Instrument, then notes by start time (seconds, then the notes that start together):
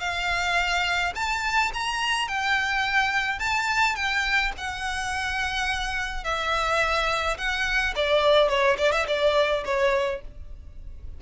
violin
0.00 F5
1.15 A5
1.73 A#5
2.28 G5
3.39 A5
3.95 G5
4.57 F#5
6.24 E5
7.37 F#5
7.96 D5
8.49 C#5
8.78 D5
8.92 E5
9.07 D5
9.65 C#5